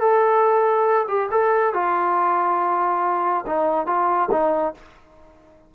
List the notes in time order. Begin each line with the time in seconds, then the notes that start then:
0.00 A4
1.09 G4
1.32 A4
1.74 F4
3.47 D#4
3.87 F4
4.31 D#4